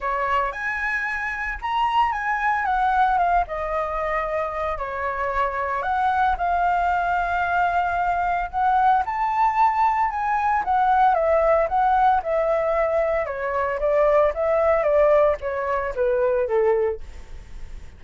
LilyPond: \new Staff \with { instrumentName = "flute" } { \time 4/4 \tempo 4 = 113 cis''4 gis''2 ais''4 | gis''4 fis''4 f''8 dis''4.~ | dis''4 cis''2 fis''4 | f''1 |
fis''4 a''2 gis''4 | fis''4 e''4 fis''4 e''4~ | e''4 cis''4 d''4 e''4 | d''4 cis''4 b'4 a'4 | }